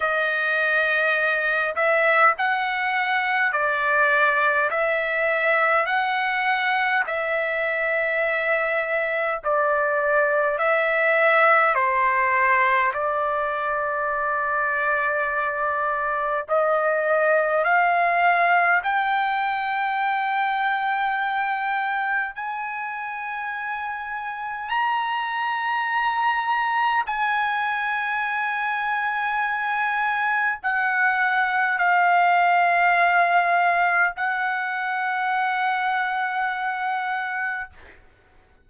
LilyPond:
\new Staff \with { instrumentName = "trumpet" } { \time 4/4 \tempo 4 = 51 dis''4. e''8 fis''4 d''4 | e''4 fis''4 e''2 | d''4 e''4 c''4 d''4~ | d''2 dis''4 f''4 |
g''2. gis''4~ | gis''4 ais''2 gis''4~ | gis''2 fis''4 f''4~ | f''4 fis''2. | }